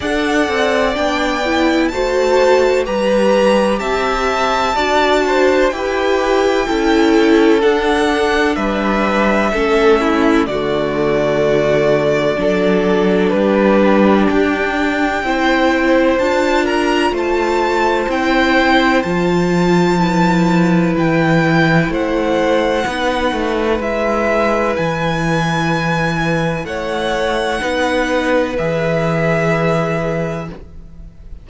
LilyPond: <<
  \new Staff \with { instrumentName = "violin" } { \time 4/4 \tempo 4 = 63 fis''4 g''4 a''4 ais''4 | a''2 g''2 | fis''4 e''2 d''4~ | d''2 b'4 g''4~ |
g''4 a''8 ais''8 a''4 g''4 | a''2 g''4 fis''4~ | fis''4 e''4 gis''2 | fis''2 e''2 | }
  \new Staff \with { instrumentName = "violin" } { \time 4/4 d''2 c''4 b'4 | e''4 d''8 c''8 b'4 a'4~ | a'4 b'4 a'8 e'8 fis'4~ | fis'4 a'4 g'2 |
c''4. ais'8 c''2~ | c''4 b'2 c''4 | b'1 | cis''4 b'2. | }
  \new Staff \with { instrumentName = "viola" } { \time 4/4 a'4 d'8 e'8 fis'4 g'4~ | g'4 fis'4 g'4 e'4 | d'2 cis'4 a4~ | a4 d'2. |
e'4 f'2 e'4 | f'4 e'2. | dis'4 e'2.~ | e'4 dis'4 gis'2 | }
  \new Staff \with { instrumentName = "cello" } { \time 4/4 d'8 c'8 b4 a4 g4 | c'4 d'4 e'4 cis'4 | d'4 g4 a4 d4~ | d4 fis4 g4 d'4 |
c'4 d'4 a4 c'4 | f2 e4 a4 | b8 a8 gis4 e2 | a4 b4 e2 | }
>>